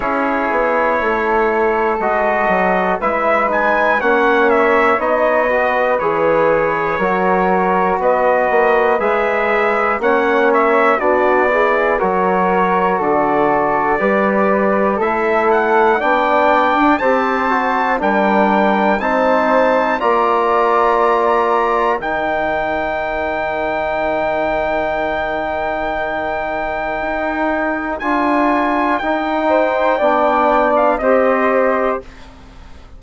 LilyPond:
<<
  \new Staff \with { instrumentName = "trumpet" } { \time 4/4 \tempo 4 = 60 cis''2 dis''4 e''8 gis''8 | fis''8 e''8 dis''4 cis''2 | dis''4 e''4 fis''8 e''8 d''4 | cis''4 d''2 e''8 fis''8 |
g''4 a''4 g''4 a''4 | ais''2 g''2~ | g''1 | gis''4 g''4.~ g''16 f''16 dis''4 | }
  \new Staff \with { instrumentName = "flute" } { \time 4/4 gis'4 a'2 b'4 | cis''4. b'4. ais'4 | b'2 cis''4 fis'8 gis'8 | ais'4 a'4 b'4 a'4 |
d''4 c''4 ais'4 c''4 | d''2 ais'2~ | ais'1~ | ais'4. c''8 d''4 c''4 | }
  \new Staff \with { instrumentName = "trombone" } { \time 4/4 e'2 fis'4 e'8 dis'8 | cis'4 dis'8 fis'8 gis'4 fis'4~ | fis'4 gis'4 cis'4 d'8 e'8 | fis'2 g'4 e'4 |
d'4 g'8 fis'8 d'4 dis'4 | f'2 dis'2~ | dis'1 | f'4 dis'4 d'4 g'4 | }
  \new Staff \with { instrumentName = "bassoon" } { \time 4/4 cis'8 b8 a4 gis8 fis8 gis4 | ais4 b4 e4 fis4 | b8 ais8 gis4 ais4 b4 | fis4 d4 g4 a4 |
b8. d'16 c'4 g4 c'4 | ais2 dis2~ | dis2. dis'4 | d'4 dis'4 b4 c'4 | }
>>